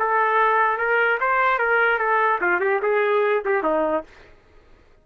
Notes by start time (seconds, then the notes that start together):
0.00 A4
0.78 A#4
1.20 C5
1.59 A#4
1.99 A4
2.41 F4
2.61 G4
2.82 G#4
3.46 G4
3.63 D#4